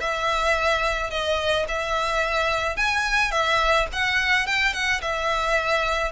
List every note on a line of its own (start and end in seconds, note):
0.00 1.10 E5
1.10 1.66 D#5
1.68 2.77 E5
2.77 3.31 G#5
3.31 3.87 E5
3.93 4.47 F#5
4.47 4.73 G5
4.73 5.01 F#5
5.01 6.12 E5